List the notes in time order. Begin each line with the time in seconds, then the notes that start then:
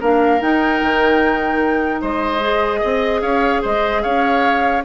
0.00 A#3 D4 A#4 F5
0.40 D#4 G5
0.82 D#3
2.01 G#3 C5 D#5
2.41 G#4
2.80 C4 D#5
3.22 C#4 C#5 F5
3.62 G#3 C5 D#5
4.02 C#4 C#5 F5